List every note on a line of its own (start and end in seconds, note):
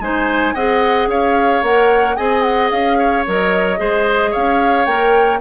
0.00 0.54 G#3
0.00 0.56 D#4
0.00 0.54 C5
0.00 0.55 G#5
0.54 1.07 C4
0.54 1.64 G#4
0.54 1.08 D#5
0.54 1.09 F#5
1.07 1.61 C#4
1.07 2.17 C#5
1.07 1.64 F5
1.62 2.16 A#3
1.62 2.17 A#4
1.62 2.17 F#5
2.17 2.72 C4
2.17 3.25 G#4
2.17 2.98 D#5
2.17 2.42 G#5
2.42 2.69 F#5
2.70 3.26 C#4
2.70 3.24 F5
2.98 3.79 C#5
3.27 3.80 F#3
3.27 3.78 A#4
3.27 4.33 D#5
3.78 4.34 G#3
3.78 4.86 G#4
3.78 4.31 C5
4.31 4.87 C#4
4.31 5.39 C#5
4.31 4.85 F5
4.85 5.41 A#3
4.85 5.41 A#4
4.85 5.40 G5